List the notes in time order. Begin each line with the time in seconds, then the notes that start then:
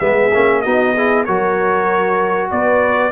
0.00 G#3 B3 G#4 E5
0.34 A#3 C#4
0.62 B3 D#4 F#4 D#5
0.94 E4 G#4
1.25 F#3 F#4 A#4 C#5
2.51 B3 B4 D5